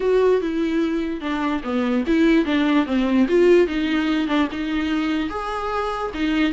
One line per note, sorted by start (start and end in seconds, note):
0.00 0.41 F#4
0.41 1.20 E4
1.20 1.61 D4
1.63 2.04 B3
2.06 2.45 E4
2.45 2.86 D4
2.86 3.26 C4
3.28 3.67 F4
3.67 4.27 D#4
4.27 4.47 D4
4.51 5.29 D#4
5.29 6.11 G#4
6.13 6.52 D#4